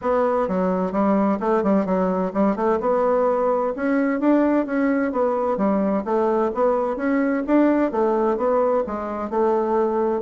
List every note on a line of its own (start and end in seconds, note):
0.01 0.48 B3
0.48 0.92 F#3
0.92 1.38 G3
1.40 1.63 A3
1.63 1.85 G3
1.85 2.32 F#3
2.33 2.56 G3
2.56 2.79 A3
2.80 3.73 B3
3.76 4.20 C#4
4.20 4.66 D4
4.66 5.12 C#4
5.12 5.57 B3
5.57 6.03 G3
6.04 6.51 A3
6.54 6.96 B3
6.96 7.43 C#4
7.46 7.91 D4
7.91 8.37 A3
8.37 8.83 B3
8.86 9.29 G#3
9.29 10.22 A3